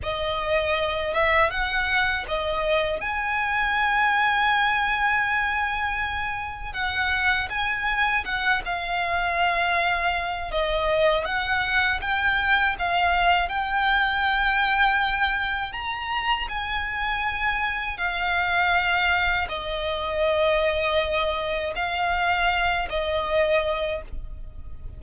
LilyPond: \new Staff \with { instrumentName = "violin" } { \time 4/4 \tempo 4 = 80 dis''4. e''8 fis''4 dis''4 | gis''1~ | gis''4 fis''4 gis''4 fis''8 f''8~ | f''2 dis''4 fis''4 |
g''4 f''4 g''2~ | g''4 ais''4 gis''2 | f''2 dis''2~ | dis''4 f''4. dis''4. | }